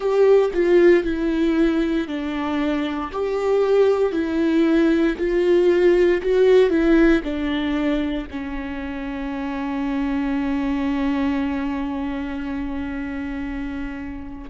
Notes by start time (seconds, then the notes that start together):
0.00 G4
0.53 F4
1.03 E4
2.07 D4
3.12 G4
4.12 E4
5.18 F4
6.22 F#4
6.70 E4
7.23 D4
8.30 C#4